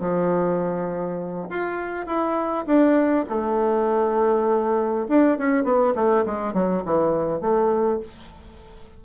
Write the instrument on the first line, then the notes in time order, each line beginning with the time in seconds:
bassoon
0.00 F3
1.50 F4
2.07 E4
2.67 D4
3.29 A3
5.08 D4
5.38 C#4
5.64 B3
5.96 A3
6.26 G#3
6.54 F#3
6.85 E3
7.41 A3